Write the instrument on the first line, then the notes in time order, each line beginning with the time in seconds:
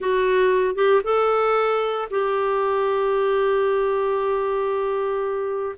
clarinet
0.00 F#4
0.75 G4
1.04 A4
2.10 G4